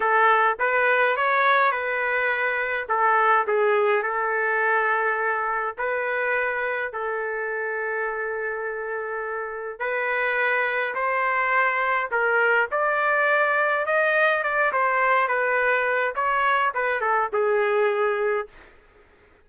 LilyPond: \new Staff \with { instrumentName = "trumpet" } { \time 4/4 \tempo 4 = 104 a'4 b'4 cis''4 b'4~ | b'4 a'4 gis'4 a'4~ | a'2 b'2 | a'1~ |
a'4 b'2 c''4~ | c''4 ais'4 d''2 | dis''4 d''8 c''4 b'4. | cis''4 b'8 a'8 gis'2 | }